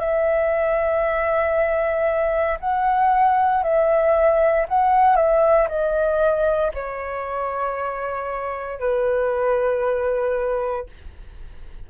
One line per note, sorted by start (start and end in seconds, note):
0.00 2.59 E5
2.60 3.63 F#5
3.63 4.67 E5
4.69 5.16 F#5
5.16 5.68 E5
5.69 6.72 D#5
6.74 8.80 C#5
8.80 10.87 B4